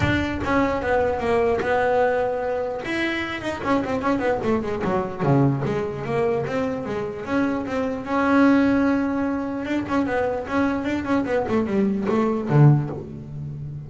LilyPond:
\new Staff \with { instrumentName = "double bass" } { \time 4/4 \tempo 4 = 149 d'4 cis'4 b4 ais4 | b2. e'4~ | e'8 dis'8 cis'8 c'8 cis'8 b8 a8 gis8 | fis4 cis4 gis4 ais4 |
c'4 gis4 cis'4 c'4 | cis'1 | d'8 cis'8 b4 cis'4 d'8 cis'8 | b8 a8 g4 a4 d4 | }